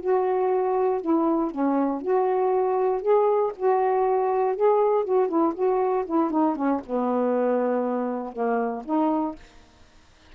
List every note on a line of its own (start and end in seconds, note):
0.00 1.01 F#4
1.01 1.51 E4
1.51 2.01 C#4
2.01 3.01 F#4
3.01 3.52 G#4
3.56 4.56 F#4
4.56 5.04 G#4
5.04 5.28 F#4
5.28 5.53 E4
5.54 6.05 F#4
6.05 6.30 E4
6.30 6.55 D#4
6.55 6.80 C#4
6.86 8.32 B3
8.32 8.82 A#3
8.84 9.35 D#4